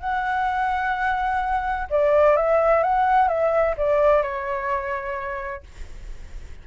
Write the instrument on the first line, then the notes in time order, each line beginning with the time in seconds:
flute
0.00 F#5
1.90 D5
2.36 E5
2.83 F#5
3.28 E5
3.77 D5
4.22 C#5